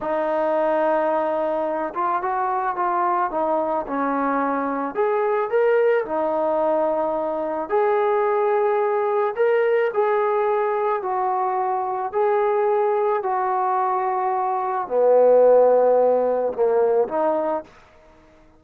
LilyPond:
\new Staff \with { instrumentName = "trombone" } { \time 4/4 \tempo 4 = 109 dis'2.~ dis'8 f'8 | fis'4 f'4 dis'4 cis'4~ | cis'4 gis'4 ais'4 dis'4~ | dis'2 gis'2~ |
gis'4 ais'4 gis'2 | fis'2 gis'2 | fis'2. b4~ | b2 ais4 dis'4 | }